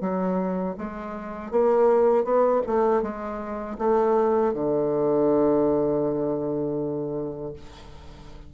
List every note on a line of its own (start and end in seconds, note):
0.00 0.75 F#3
0.78 1.51 G#3
1.51 2.24 A#3
2.24 2.61 B3
2.66 3.02 A3
3.02 3.77 G#3
3.78 4.53 A3
4.53 7.53 D3